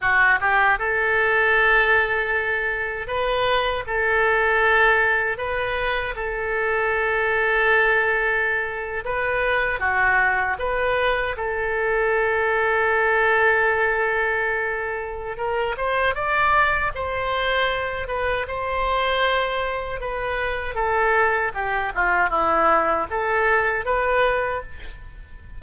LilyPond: \new Staff \with { instrumentName = "oboe" } { \time 4/4 \tempo 4 = 78 fis'8 g'8 a'2. | b'4 a'2 b'4 | a'2.~ a'8. b'16~ | b'8. fis'4 b'4 a'4~ a'16~ |
a'1 | ais'8 c''8 d''4 c''4. b'8 | c''2 b'4 a'4 | g'8 f'8 e'4 a'4 b'4 | }